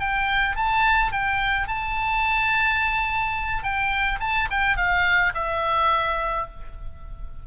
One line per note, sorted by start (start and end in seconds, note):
0.00 0.56 G5
0.56 1.12 A5
1.12 1.68 G5
1.68 3.63 A5
3.63 4.19 G5
4.20 4.48 A5
4.50 4.77 G5
4.77 5.33 F5
5.34 6.47 E5